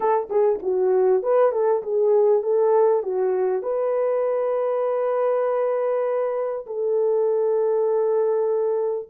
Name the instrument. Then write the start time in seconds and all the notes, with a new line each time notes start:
horn
0.00 A4
0.29 G#4
0.62 F#4
1.22 B4
1.52 A4
1.82 G#4
2.42 A4
3.02 F#4
3.62 B4
6.66 A4